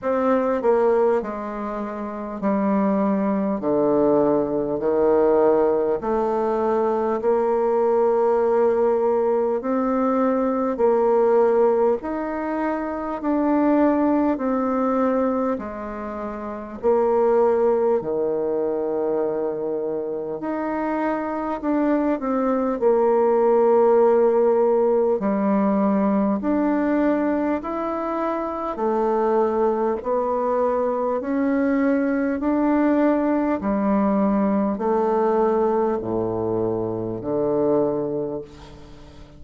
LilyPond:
\new Staff \with { instrumentName = "bassoon" } { \time 4/4 \tempo 4 = 50 c'8 ais8 gis4 g4 d4 | dis4 a4 ais2 | c'4 ais4 dis'4 d'4 | c'4 gis4 ais4 dis4~ |
dis4 dis'4 d'8 c'8 ais4~ | ais4 g4 d'4 e'4 | a4 b4 cis'4 d'4 | g4 a4 a,4 d4 | }